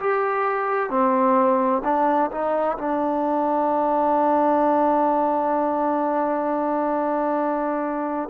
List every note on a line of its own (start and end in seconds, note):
0.00 0.90 G4
0.90 1.83 C4
1.85 2.31 D4
2.32 2.78 D#4
2.78 8.30 D4